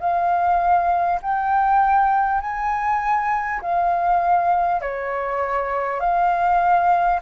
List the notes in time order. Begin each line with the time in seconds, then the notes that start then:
0.00 F5
1.22 G5
2.41 G#5
3.62 F5
4.81 C#5
6.01 F5